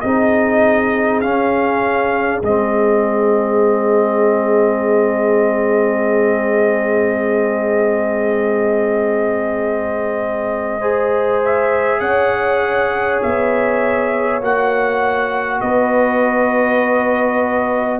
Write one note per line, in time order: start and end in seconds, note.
0.00 1.22 C4
0.00 1.23 D#4
0.00 10.79 G#4
0.00 1.20 D#5
1.21 2.42 C#4
1.21 2.43 C#4
1.21 2.41 F5
2.42 12.01 G#3
2.42 10.81 C4
2.42 11.44 D#5
10.79 14.41 G#4
10.79 11.99 C5
11.44 12.00 E5
12.00 13.21 C#4
12.00 15.60 C#5
12.00 13.20 F#5
13.22 14.40 B3
13.22 14.42 E5
14.40 15.60 A#3
14.40 17.99 F#4
14.40 15.61 F#5
15.61 17.99 B3
15.61 17.99 B4
15.61 17.99 D#5